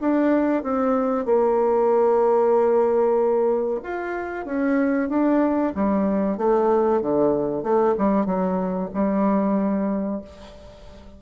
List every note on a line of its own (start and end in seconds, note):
0.00 0.63 D4
0.63 1.25 C4
1.25 3.80 A#3
3.82 4.45 F4
4.45 5.09 C#4
5.09 5.72 D4
5.74 6.37 G3
6.37 7.01 A3
7.01 7.62 D3
7.62 7.94 A3
7.97 8.25 G3
8.25 8.89 F#3
8.93 10.21 G3